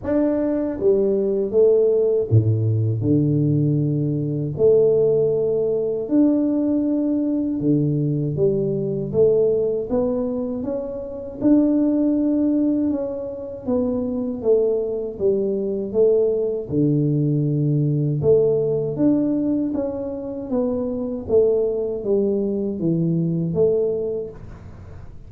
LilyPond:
\new Staff \with { instrumentName = "tuba" } { \time 4/4 \tempo 4 = 79 d'4 g4 a4 a,4 | d2 a2 | d'2 d4 g4 | a4 b4 cis'4 d'4~ |
d'4 cis'4 b4 a4 | g4 a4 d2 | a4 d'4 cis'4 b4 | a4 g4 e4 a4 | }